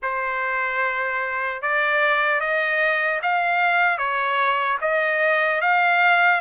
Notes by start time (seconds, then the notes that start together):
0.02 C5
1.62 D5
2.40 D#5
3.22 F5
3.98 C#5
4.81 D#5
5.61 F5